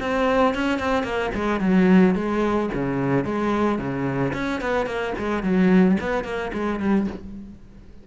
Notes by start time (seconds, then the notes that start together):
0.00 C4
0.54 C#4
0.79 C4
1.03 A#3
1.34 G#3
1.60 F#3
2.15 G#3
2.73 C#3
3.24 G#3
3.78 C#3
4.33 C#4
4.61 B3
4.86 A#3
5.18 G#3
5.43 F#3
6.00 B3
6.24 A#3
6.53 G#3
6.79 G3